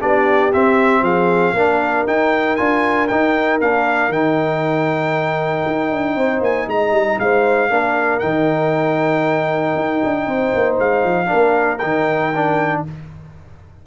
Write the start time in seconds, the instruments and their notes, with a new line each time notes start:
0.00 tuba B3, trombone D4, horn G4, trumpet D5
0.52 trombone C4, tuba C4, trumpet E5
1.01 tuba F3, horn G#4, trumpet F5
1.53 tuba A#3, trombone D4, horn A#4
2.06 trombone D#4, tuba D#4, trumpet G5
2.56 tuba D4, trombone F4, trumpet G#5
3.07 trombone D#4, tuba D#4, trumpet G5
3.60 tuba A#3, trombone D4, trumpet F5
4.08 tuba D#3, trombone D#4, trumpet G5
5.66 tuba D#4
5.91 tuba D4
6.15 tuba C4, horn C5
6.40 tuba A#3, trumpet G#5
6.67 tuba G#3, horn D#5, trumpet A#5
6.91 tuba G3
7.19 tuba G#3, horn C5, trumpet F5
7.69 tuba A#3, trombone D4, horn A#4
8.19 tuba D#3, trombone D#4, trumpet G5
9.75 tuba D#4
10.04 tuba D4
10.26 tuba C4, horn C5
10.54 tuba A#3
10.79 tuba G#3, trumpet F5
11.04 tuba F3
11.26 trombone D4, horn A#4
11.33 tuba A#3
11.78 tuba D#3, trombone D#4, trumpet G5
12.35 trombone D4